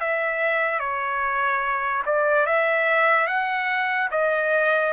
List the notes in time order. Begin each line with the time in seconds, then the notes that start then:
0.00 E5
0.79 C#5
2.05 D5
2.46 E5
3.27 F#5
4.11 D#5